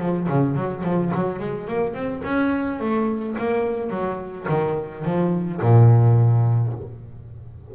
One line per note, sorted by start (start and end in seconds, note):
0.00 0.28 F3
0.28 0.56 C#3
0.56 0.84 F#3
0.84 1.12 F3
1.15 1.40 F#3
1.40 1.68 G#3
1.68 1.94 A#3
1.94 2.22 C4
2.25 2.80 C#4
2.80 3.36 A3
3.38 3.90 A#3
3.90 4.47 F#3
4.49 5.05 D#3
5.05 5.61 F3
5.62 6.74 A#2